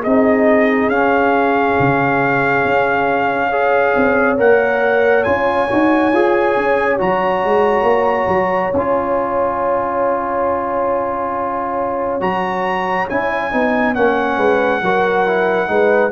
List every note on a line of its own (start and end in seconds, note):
0.00 0.87 C4
0.00 0.91 D#4
0.00 3.48 G#4
0.00 0.89 D#5
0.87 1.74 C#4
0.87 3.51 C#4
0.87 4.37 F5
1.79 2.64 C#3
2.64 3.95 C#4
3.50 4.37 G#4
3.50 14.36 C#5
3.96 4.39 C4
4.37 5.26 A#3
4.37 5.24 A#4
4.37 5.23 F#5
5.23 5.70 C#4
5.23 5.68 F4
5.23 6.97 G#5
5.69 6.12 D#4
5.69 6.12 F#4
6.12 6.56 F4
6.12 6.98 G#4
6.56 6.99 C#4
6.98 7.44 F#3
6.98 8.72 F#4
6.98 8.73 A#5
7.44 7.82 G#3
7.82 8.26 A#3
8.28 8.71 F#3
8.73 12.20 C#4
8.73 12.20 F4
8.73 12.21 G#5
12.20 13.07 F#3
12.20 13.07 F#4
12.20 13.08 A#5
13.09 13.53 C#4
13.09 13.51 E4
13.09 13.94 G#5
13.51 13.96 B3
13.51 13.94 D#4
13.94 14.37 A#3
13.94 14.81 C#4
13.94 16.11 F#5
14.36 14.80 G#3
14.36 14.80 B4
14.82 15.68 F#3
14.82 15.26 F#4
14.82 15.69 A#4
15.26 15.67 E4
15.67 16.11 G#3
15.67 16.11 D#4
15.67 16.11 B4